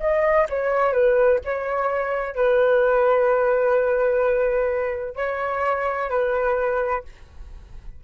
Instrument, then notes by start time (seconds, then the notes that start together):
flute
0.00 D#5
0.49 C#5
0.93 B4
1.45 C#5
2.35 B4
5.16 C#5
6.10 B4